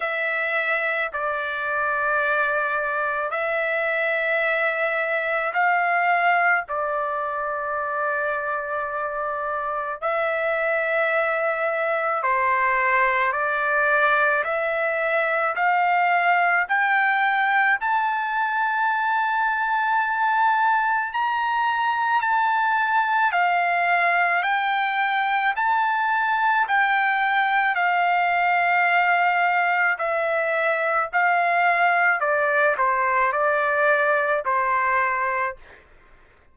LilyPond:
\new Staff \with { instrumentName = "trumpet" } { \time 4/4 \tempo 4 = 54 e''4 d''2 e''4~ | e''4 f''4 d''2~ | d''4 e''2 c''4 | d''4 e''4 f''4 g''4 |
a''2. ais''4 | a''4 f''4 g''4 a''4 | g''4 f''2 e''4 | f''4 d''8 c''8 d''4 c''4 | }